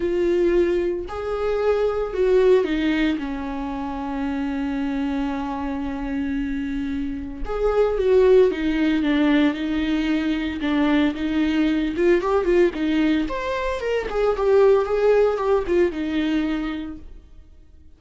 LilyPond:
\new Staff \with { instrumentName = "viola" } { \time 4/4 \tempo 4 = 113 f'2 gis'2 | fis'4 dis'4 cis'2~ | cis'1~ | cis'2 gis'4 fis'4 |
dis'4 d'4 dis'2 | d'4 dis'4. f'8 g'8 f'8 | dis'4 c''4 ais'8 gis'8 g'4 | gis'4 g'8 f'8 dis'2 | }